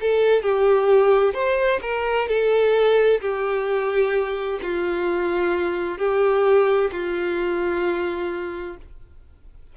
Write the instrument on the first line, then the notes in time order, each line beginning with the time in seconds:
violin
0.00 A4
0.42 G4
1.33 C5
1.82 A#4
2.28 A4
3.21 G4
4.62 F4
5.98 G4
6.91 F4